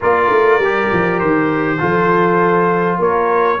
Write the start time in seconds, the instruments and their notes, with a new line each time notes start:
0.00 tuba A#3, trombone F4, horn A#4, trumpet D5
0.30 tuba A3
0.58 tuba G3, trombone G4
0.92 tuba F3
1.19 tuba D#3, trumpet C5
1.78 tuba F3, trombone F4, horn A4
2.98 tuba A#3, horn A#4, trumpet C#5